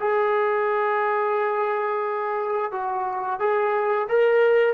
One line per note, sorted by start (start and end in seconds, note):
0.00 2.72 G#4
2.72 3.40 F#4
3.40 4.08 G#4
4.09 4.74 A#4